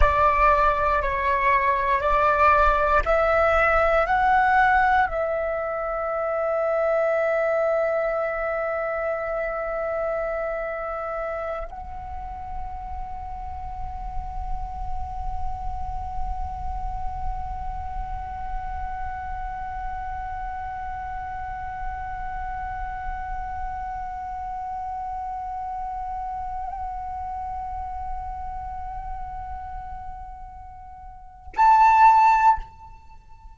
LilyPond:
\new Staff \with { instrumentName = "flute" } { \time 4/4 \tempo 4 = 59 d''4 cis''4 d''4 e''4 | fis''4 e''2.~ | e''2.~ e''8 fis''8~ | fis''1~ |
fis''1~ | fis''1~ | fis''1~ | fis''2. a''4 | }